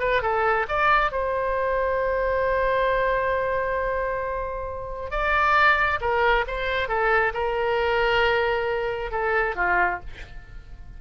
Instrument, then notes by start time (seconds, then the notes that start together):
oboe
0.00 B4
0.22 A4
0.68 D5
1.12 C5
5.11 D5
6.01 A#4
6.47 C5
6.88 A4
7.34 A#4
9.11 A4
9.56 F4